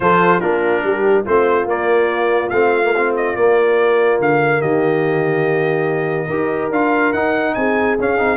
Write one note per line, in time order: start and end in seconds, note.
0.00 0.42 F3
0.00 0.41 F4
0.00 0.40 A4
0.00 0.40 C5
0.40 0.83 A#3
0.40 1.25 D4
0.40 0.82 F4
0.40 1.24 A#4
0.83 1.25 G3
0.83 1.24 G4
1.24 1.65 A3
1.24 1.67 C4
1.24 4.60 F4
1.24 1.68 C5
1.65 2.49 A#3
1.65 2.51 A#3
1.65 2.49 D5
2.49 3.35 A3
2.49 2.84 C4
2.49 3.12 F5
2.84 2.94 A#3
2.96 3.36 C4
3.16 3.35 D#5
3.35 4.19 A#3
3.35 6.30 A#3
3.35 4.19 D5
4.19 4.60 D3
4.19 4.61 F5
4.60 6.28 D#3
4.60 6.26 G4
4.60 6.71 D#5
6.26 6.70 D#4
6.26 6.72 G4
6.26 7.52 A#4
6.70 7.12 D4
6.70 7.14 F4
6.70 7.12 F5
7.12 7.55 D#4
7.12 7.98 D#4
7.12 7.54 F#5
7.54 7.97 C4
7.54 8.37 G#4
7.54 7.96 G#5
7.99 8.20 C#4
7.99 8.17 C#4
7.99 8.37 F5
8.17 8.37 C4
8.17 8.37 D#4